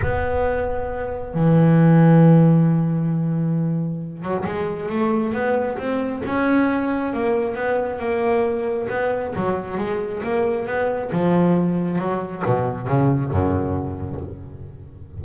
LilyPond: \new Staff \with { instrumentName = "double bass" } { \time 4/4 \tempo 4 = 135 b2. e4~ | e1~ | e4. fis8 gis4 a4 | b4 c'4 cis'2 |
ais4 b4 ais2 | b4 fis4 gis4 ais4 | b4 f2 fis4 | b,4 cis4 fis,2 | }